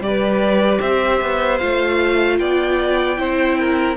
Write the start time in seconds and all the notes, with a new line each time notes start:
0.00 G3 G4 D5
0.08 B4
0.81 C4 C5 E5
1.22 B3
1.59 A3 F4 F5
2.39 B3 D5 G5
3.17 C4 E4 C5
3.59 A#4